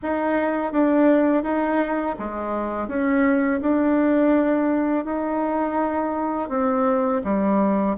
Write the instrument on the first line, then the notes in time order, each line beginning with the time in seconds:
bassoon
0.02 D#4
0.72 D4
1.43 D#4
2.18 G#3
2.88 C#4
3.61 D4
5.04 D#4
6.49 C4
7.24 G3